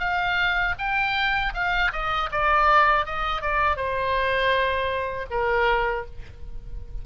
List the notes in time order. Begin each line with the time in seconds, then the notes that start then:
0.00 F5
0.79 G5
1.54 F5
1.93 D#5
2.32 D5
3.06 D#5
3.42 D5
3.77 C5
5.31 A#4